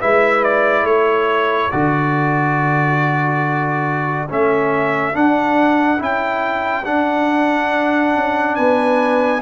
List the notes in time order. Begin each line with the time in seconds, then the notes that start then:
0.00 G#3 E4 B4 E5
0.44 D5
0.82 A3 A4 C#5
1.71 D3 F#4 D5
4.29 A3 C#4 E5
5.13 D4 F#5
5.97 C#4 E4 G5
6.84 D4 F#5
8.15 C#4
8.55 B3 B4 G#5